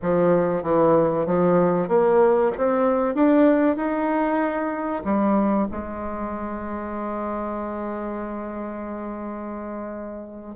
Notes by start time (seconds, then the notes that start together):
0.01 F3
0.63 E3
1.25 F3
1.88 A#3
2.57 C4
3.14 D4
3.76 D#4
5.04 G3
5.71 G#3